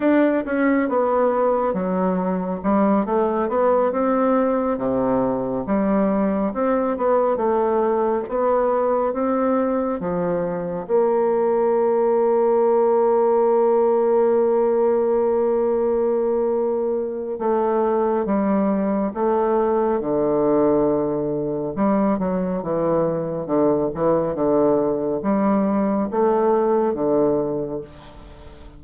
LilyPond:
\new Staff \with { instrumentName = "bassoon" } { \time 4/4 \tempo 4 = 69 d'8 cis'8 b4 fis4 g8 a8 | b8 c'4 c4 g4 c'8 | b8 a4 b4 c'4 f8~ | f8 ais2.~ ais8~ |
ais1 | a4 g4 a4 d4~ | d4 g8 fis8 e4 d8 e8 | d4 g4 a4 d4 | }